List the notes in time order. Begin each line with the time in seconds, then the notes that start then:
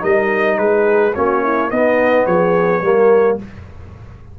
0.00 G3 D#4 A#4 D#5
0.58 G#3 G#4 B4
1.15 A#3 C#4 F#4 C#5
1.43 E4
1.70 B3 D#4 D#5
2.26 F3 G#4 C#5
2.82 G3 A#3 A#4